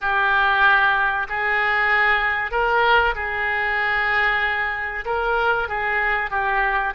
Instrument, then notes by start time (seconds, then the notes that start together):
oboe
0.01 G4
1.28 G#4
2.51 A#4
3.15 G#4
5.05 A#4
5.68 G#4
6.30 G4